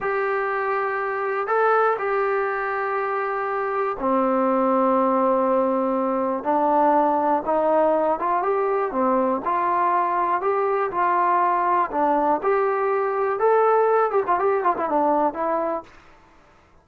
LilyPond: \new Staff \with { instrumentName = "trombone" } { \time 4/4 \tempo 4 = 121 g'2. a'4 | g'1 | c'1~ | c'4 d'2 dis'4~ |
dis'8 f'8 g'4 c'4 f'4~ | f'4 g'4 f'2 | d'4 g'2 a'4~ | a'8 g'16 f'16 g'8 f'16 e'16 d'4 e'4 | }